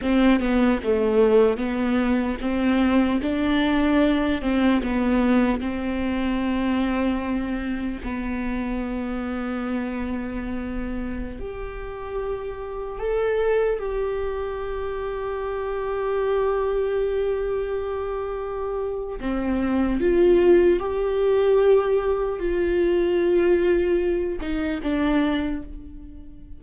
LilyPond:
\new Staff \with { instrumentName = "viola" } { \time 4/4 \tempo 4 = 75 c'8 b8 a4 b4 c'4 | d'4. c'8 b4 c'4~ | c'2 b2~ | b2~ b16 g'4.~ g'16~ |
g'16 a'4 g'2~ g'8.~ | g'1 | c'4 f'4 g'2 | f'2~ f'8 dis'8 d'4 | }